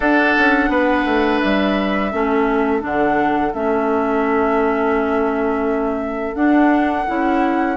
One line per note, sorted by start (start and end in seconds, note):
0.00 0.35 D4
0.00 2.12 D4
0.00 0.69 A4
0.00 1.40 F#5
0.38 0.69 C#4
0.69 1.04 B3
0.69 2.11 B4
1.04 1.40 A3
1.40 2.13 G3
1.40 2.81 E5
2.11 2.83 A3
2.11 2.81 C#4
2.11 7.76 A4
2.81 3.53 D3
2.81 3.51 D4
2.81 3.54 F#5
3.53 6.34 A3
3.53 6.36 C#4
3.53 6.35 E5
6.34 7.05 D4
6.34 7.06 D4
6.34 7.76 F#5
7.06 7.76 C#4
7.06 7.76 E4